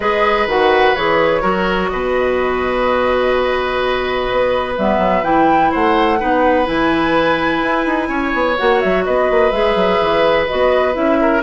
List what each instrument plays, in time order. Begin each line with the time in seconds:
0.00 bassoon G#3, clarinet G#4, oboe B4, flute D#5
0.46 bassoon D#3, clarinet F#4, flute F#5
0.95 bassoon E3, clarinet G#4, flute C#5
1.41 bassoon F#3, clarinet F#4, oboe A#4
1.88 bassoon B2, oboe B4, flute D#5
4.31 bassoon B3
4.77 bassoon G3, clarinet B3, flute E5
4.98 bassoon F#3
5.23 bassoon E3, clarinet E4, flute G5
5.71 bassoon A3, oboe C5, flute F#5
6.18 bassoon B3, clarinet D#4, oboe B4
6.65 bassoon E3, clarinet E4, flute G#5
7.62 bassoon E4
7.85 bassoon D#4
8.09 bassoon C#4, oboe C#5
8.33 bassoon B3
8.57 bassoon A#3, clarinet F#4, flute F#5
8.80 bassoon F#3, flute E5
9.04 bassoon B3, oboe B4, flute D#5
9.30 bassoon A#3
9.51 bassoon G#3, clarinet G#4, flute E5
9.75 bassoon F#3
10.00 bassoon E3
10.47 bassoon B3, clarinet F#4, flute D#5
10.93 bassoon C#4, clarinet E4, flute E5
11.21 oboe A#4